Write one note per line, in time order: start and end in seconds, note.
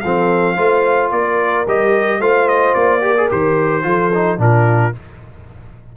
0.00 0.57 F3
0.00 0.56 C4
0.00 0.55 A4
0.00 1.09 F5
0.55 1.11 A3
0.55 1.66 F4
0.55 1.10 C5
1.11 1.66 A#3
1.11 2.20 A#4
1.11 1.66 D5
1.67 2.19 G3
1.67 2.21 G4
1.67 2.21 D#5
2.19 2.74 A3
2.19 3.01 F4
2.19 3.02 C5
2.19 2.48 F5
2.48 2.74 D#5
2.74 3.29 A#3
2.74 3.29 D5
3.01 3.15 G4
3.01 3.84 A#4
3.17 3.29 G#4
3.29 3.85 D#3
3.29 3.83 G4
3.29 4.40 C5
3.83 4.38 F3
3.83 4.10 F4
3.83 4.40 A4
4.14 4.38 D#4
4.38 4.92 A#2
4.38 4.92 D4
4.38 4.96 F4
4.38 4.95 A#4